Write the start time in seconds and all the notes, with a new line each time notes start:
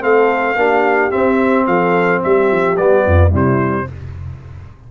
0.00 A3 C4 A4 F5
0.55 A#3 D4 G4
1.10 C4 E5
1.67 F3 A4 F5
2.22 G3 G4 E5
2.51 F3
2.76 G3 B3 D5
3.05 F2 F4
3.29 C3 G3 E4
3.36 C5